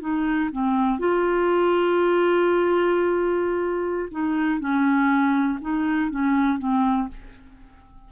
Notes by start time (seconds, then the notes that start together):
0.00 D#4
0.52 C4
0.99 F4
4.11 D#4
4.60 C#4
5.61 D#4
6.10 C#4
6.58 C4